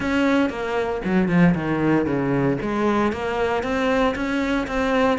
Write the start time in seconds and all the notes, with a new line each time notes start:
0.00 C#4
0.49 A#3
1.04 F#3
1.28 F3
1.54 D#3
2.05 C#3
2.61 G#3
3.12 A#3
3.63 C4
4.15 C#4
4.67 C4